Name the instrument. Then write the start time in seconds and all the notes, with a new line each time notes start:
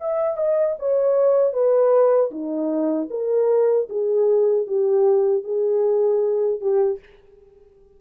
horn
0.00 E5
0.36 D#5
0.79 C#5
1.53 B4
2.31 D#4
3.10 A#4
3.89 G#4
4.67 G4
5.43 G#4
6.60 G4